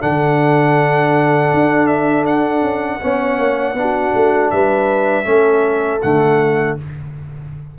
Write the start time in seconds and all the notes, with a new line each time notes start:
0.00 D3 D4 A4 F#5
1.53 D4
1.87 E5
2.26 F#5
2.62 C#4
3.00 B3 C#4 C#5
3.38 A#3
3.73 B3 D4
3.80 F#4
4.14 A3
4.50 G3 B4 E5
5.24 A3 C#4 A4
6.02 D3 A3 F#5